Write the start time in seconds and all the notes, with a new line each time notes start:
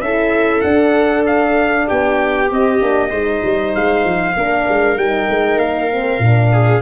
0.00 C#4 E4 A4 E5
0.61 D4 F#5
1.26 F5
1.87 B3 G4 G5
2.50 C4 D#5
2.80 A#3 D4
3.09 G#3 D#4 C5
3.44 G3
3.75 G#3 F5
4.04 F3
4.36 A#3 D4 A#4
4.68 G#3
4.96 G3 D#4 G5
5.29 G#3
5.56 A#3 F5
5.90 C4
6.19 A#2 D4
6.52 G#4